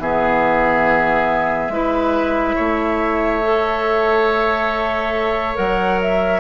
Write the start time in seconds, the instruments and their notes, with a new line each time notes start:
0.00 bassoon E3, clarinet B3, oboe G#4, flute E5
1.69 bassoon G#3, clarinet E4, oboe B4
2.56 bassoon A3, oboe C#5
3.44 clarinet A4
5.55 bassoon F#3, clarinet A#4, flute F#5
6.02 flute E5